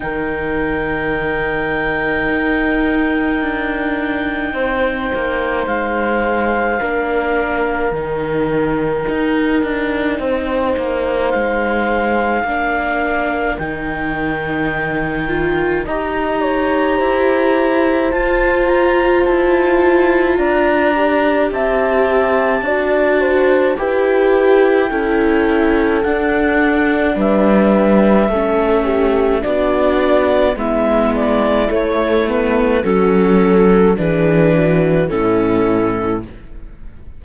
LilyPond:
<<
  \new Staff \with { instrumentName = "clarinet" } { \time 4/4 \tempo 4 = 53 g''1~ | g''4 f''2 g''4~ | g''2 f''2 | g''2 ais''2 |
a''8 ais''8 a''4 ais''4 a''4~ | a''4 g''2 fis''4 | e''2 d''4 e''8 d''8 | cis''8 b'8 a'4 b'4 a'4 | }
  \new Staff \with { instrumentName = "horn" } { \time 4/4 ais'1 | c''2 ais'2~ | ais'4 c''2 ais'4~ | ais'2 dis''8 cis''8 c''4~ |
c''2 d''4 e''4 | d''8 c''8 b'4 a'2 | b'4 a'8 g'8 fis'4 e'4~ | e'4 fis'8 a'8 gis'8 fis'8 e'4 | }
  \new Staff \with { instrumentName = "viola" } { \time 4/4 dis'1~ | dis'2 d'4 dis'4~ | dis'2. d'4 | dis'4. f'8 g'2 |
f'2~ f'8 g'4. | fis'4 g'4 e'4 d'4~ | d'4 cis'4 d'4 b4 | a8 b8 cis'4 d'4 cis'4 | }
  \new Staff \with { instrumentName = "cello" } { \time 4/4 dis2 dis'4 d'4 | c'8 ais8 gis4 ais4 dis4 | dis'8 d'8 c'8 ais8 gis4 ais4 | dis2 dis'4 e'4 |
f'4 e'4 d'4 c'4 | d'4 e'4 cis'4 d'4 | g4 a4 b4 gis4 | a4 fis4 e4 a,4 | }
>>